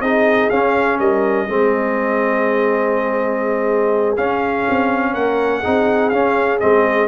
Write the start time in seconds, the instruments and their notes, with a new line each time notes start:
0.00 tuba C4, trombone D#4, horn G#4, trumpet D#5
0.49 tuba C#4, trombone C#4, trumpet F5
0.98 tuba G3, horn A#4, trumpet D#5
1.48 tuba G#3, trombone C4, horn G#4
4.16 trombone C#4, tuba C#4, trumpet F5
4.69 tuba C4
5.13 tuba A#3, horn A#4, trumpet F#5
5.60 trombone D#4, horn G#4
5.66 tuba C4
6.09 tuba C#4, trombone C#4, trumpet F5
6.59 tuba G#3, trombone C4, trumpet D#5